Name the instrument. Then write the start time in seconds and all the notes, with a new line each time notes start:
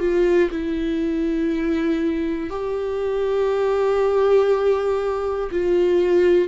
viola
0.00 F4
0.51 E4
2.51 G4
5.51 F4